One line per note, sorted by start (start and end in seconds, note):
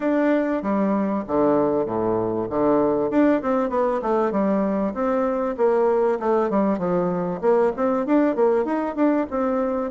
0.00 0.62 D4
0.62 1.24 G3
1.27 1.85 D3
1.85 2.47 A2
2.49 3.10 D3
3.10 3.41 D4
3.42 3.69 C4
3.69 4.00 B3
4.01 4.31 A3
4.31 4.93 G3
4.93 5.55 C4
5.57 6.19 A#3
6.19 6.49 A3
6.49 6.78 G3
6.78 7.40 F3
7.41 7.72 A#3
7.76 8.06 C4
8.06 8.35 D4
8.35 8.65 A#3
8.65 8.95 D#4
8.95 9.26 D4
9.30 9.91 C4